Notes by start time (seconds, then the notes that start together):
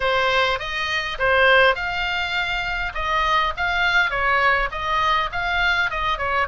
0.00 C5
0.59 D#5
1.18 C5
1.75 F5
2.94 D#5
3.56 F5
4.10 C#5
4.71 D#5
5.32 F5
5.90 D#5
6.18 C#5